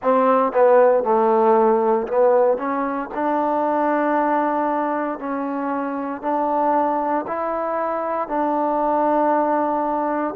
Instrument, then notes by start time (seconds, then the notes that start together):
trombone
0.02 C4
0.52 B3
1.03 A3
2.07 B3
2.57 C#4
3.14 D4
5.19 C#4
6.22 D4
7.27 E4
8.28 D4